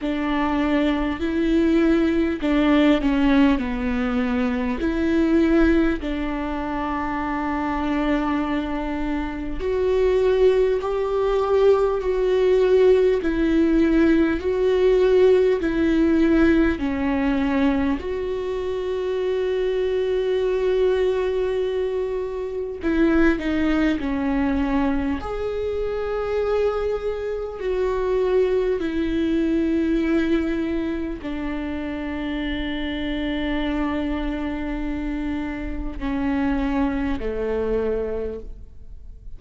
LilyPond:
\new Staff \with { instrumentName = "viola" } { \time 4/4 \tempo 4 = 50 d'4 e'4 d'8 cis'8 b4 | e'4 d'2. | fis'4 g'4 fis'4 e'4 | fis'4 e'4 cis'4 fis'4~ |
fis'2. e'8 dis'8 | cis'4 gis'2 fis'4 | e'2 d'2~ | d'2 cis'4 a4 | }